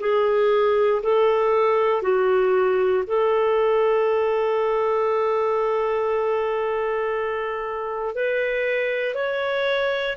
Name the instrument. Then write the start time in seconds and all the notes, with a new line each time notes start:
clarinet
0.00 G#4
1.03 A4
2.02 F#4
3.07 A4
8.15 B4
9.15 C#5